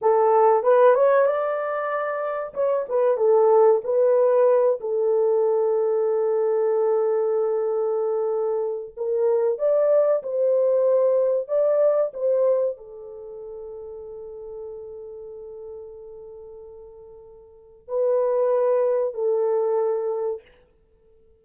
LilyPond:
\new Staff \with { instrumentName = "horn" } { \time 4/4 \tempo 4 = 94 a'4 b'8 cis''8 d''2 | cis''8 b'8 a'4 b'4. a'8~ | a'1~ | a'2 ais'4 d''4 |
c''2 d''4 c''4 | a'1~ | a'1 | b'2 a'2 | }